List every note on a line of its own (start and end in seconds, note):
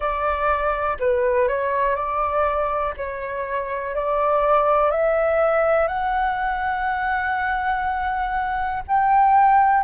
0.00 0.97 D5
0.99 1.48 B4
1.48 1.95 C#5
1.95 2.94 D5
2.96 3.95 C#5
3.95 4.90 D5
4.90 5.87 E5
5.87 8.83 F#5
8.87 9.83 G5